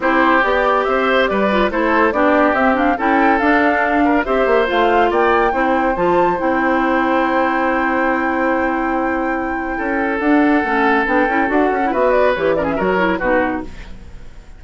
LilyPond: <<
  \new Staff \with { instrumentName = "flute" } { \time 4/4 \tempo 4 = 141 c''4 d''4 e''4 d''4 | c''4 d''4 e''8 f''8 g''4 | f''2 e''4 f''4 | g''2 a''4 g''4~ |
g''1~ | g''1 | fis''2 g''4 fis''4 | e''8 d''8 cis''8 d''16 e''16 cis''4 b'4 | }
  \new Staff \with { instrumentName = "oboe" } { \time 4/4 g'2 c''4 b'4 | a'4 g'2 a'4~ | a'4. ais'8 c''2 | d''4 c''2.~ |
c''1~ | c''2. a'4~ | a'1 | b'4. ais'16 gis'16 ais'4 fis'4 | }
  \new Staff \with { instrumentName = "clarinet" } { \time 4/4 e'4 g'2~ g'8 f'8 | e'4 d'4 c'8 d'8 e'4 | d'2 g'4 f'4~ | f'4 e'4 f'4 e'4~ |
e'1~ | e'1 | d'4 cis'4 d'8 e'8 fis'8. e'16 | fis'4 g'8 cis'8 fis'8 e'8 dis'4 | }
  \new Staff \with { instrumentName = "bassoon" } { \time 4/4 c'4 b4 c'4 g4 | a4 b4 c'4 cis'4 | d'2 c'8 ais8 a4 | ais4 c'4 f4 c'4~ |
c'1~ | c'2. cis'4 | d'4 a4 b8 cis'8 d'8 cis'8 | b4 e4 fis4 b,4 | }
>>